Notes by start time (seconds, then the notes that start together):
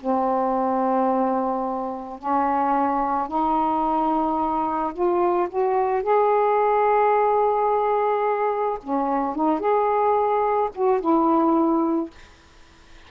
0.00 C4
2.18 C#4
3.28 D#4
4.93 F4
5.49 F#4
6.03 G#4
8.83 C#4
9.35 D#4
9.59 G#4
10.75 F#4
11.00 E4